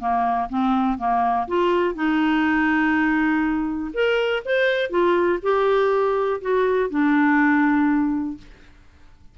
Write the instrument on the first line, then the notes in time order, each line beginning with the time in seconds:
clarinet
0.00 A#3
0.50 C4
0.98 A#3
1.48 F4
1.95 D#4
3.94 A#4
4.46 C5
4.90 F4
5.43 G4
6.41 F#4
6.90 D4